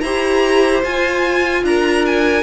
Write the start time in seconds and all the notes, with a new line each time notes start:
0.00 E4 G4 C5 A#5
0.84 F4 G#5
1.63 D4 A#4 A#5
2.05 G#5